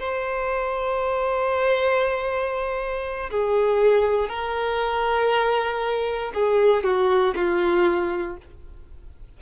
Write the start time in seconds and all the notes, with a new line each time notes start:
0.00 C5
3.31 G#4
4.29 A#4
6.35 G#4
6.84 F#4
7.36 F4